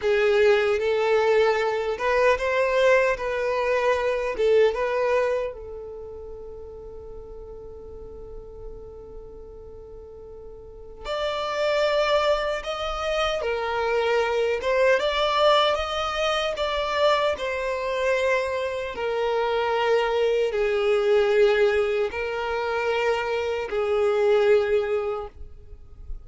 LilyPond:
\new Staff \with { instrumentName = "violin" } { \time 4/4 \tempo 4 = 76 gis'4 a'4. b'8 c''4 | b'4. a'8 b'4 a'4~ | a'1~ | a'2 d''2 |
dis''4 ais'4. c''8 d''4 | dis''4 d''4 c''2 | ais'2 gis'2 | ais'2 gis'2 | }